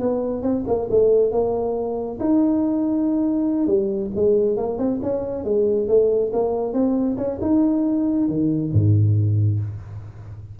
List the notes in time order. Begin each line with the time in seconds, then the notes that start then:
0.00 B3
0.43 C4
0.68 A#3
0.91 A3
1.32 A#3
2.21 D#4
3.67 G3
4.16 G#3
4.57 A#3
4.79 C4
5.03 C#4
5.45 G#3
5.88 A3
6.33 A#3
6.74 C4
7.18 C#4
7.42 D#4
8.29 D#3
8.73 G#2